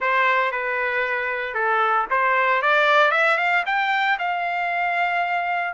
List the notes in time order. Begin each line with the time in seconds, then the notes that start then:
0.00 C5
0.51 B4
1.54 A4
2.10 C5
2.62 D5
3.11 E5
3.37 F5
3.65 G5
4.19 F5